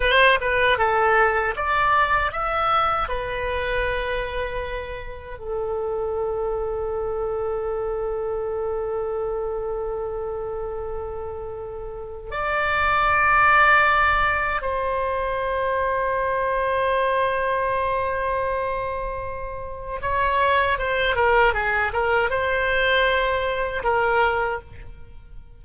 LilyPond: \new Staff \with { instrumentName = "oboe" } { \time 4/4 \tempo 4 = 78 c''8 b'8 a'4 d''4 e''4 | b'2. a'4~ | a'1~ | a'1 |
d''2. c''4~ | c''1~ | c''2 cis''4 c''8 ais'8 | gis'8 ais'8 c''2 ais'4 | }